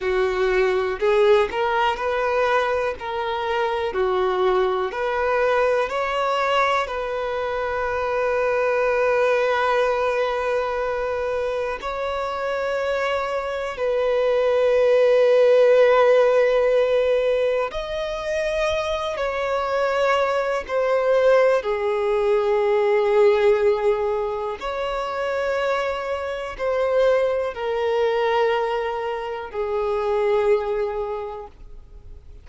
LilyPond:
\new Staff \with { instrumentName = "violin" } { \time 4/4 \tempo 4 = 61 fis'4 gis'8 ais'8 b'4 ais'4 | fis'4 b'4 cis''4 b'4~ | b'1 | cis''2 b'2~ |
b'2 dis''4. cis''8~ | cis''4 c''4 gis'2~ | gis'4 cis''2 c''4 | ais'2 gis'2 | }